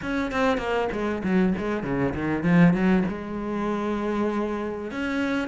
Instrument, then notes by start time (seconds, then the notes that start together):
cello
0.02 C#4
0.31 C4
0.57 A#3
0.92 G#3
1.23 F#3
1.58 G#3
1.83 C#3
2.14 D#3
2.43 F3
2.73 F#3
3.08 G#3
4.91 C#4